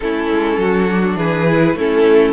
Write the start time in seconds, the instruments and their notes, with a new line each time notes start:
0.00 cello A3, viola C#4, violin E4 A4
0.30 cello G#3
0.57 cello F#3, violin F#4
0.89 viola D4
1.15 cello E3, violin G#4 B4
1.49 viola E4
1.73 cello A3, viola C#4, violin E4 A4